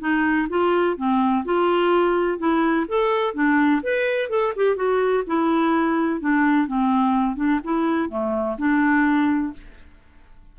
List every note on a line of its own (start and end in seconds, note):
0.00 0.48 D#4
0.50 0.97 F4
0.97 1.45 C4
1.45 2.39 F4
2.39 2.86 E4
2.88 3.34 A4
3.34 3.82 D4
3.83 4.29 B4
4.29 4.53 A4
4.56 4.76 G4
4.76 5.24 F#4
5.27 6.21 E4
6.21 6.67 D4
6.67 7.36 C4
7.36 7.60 D4
7.64 8.09 E4
8.09 8.57 A3
8.58 9.53 D4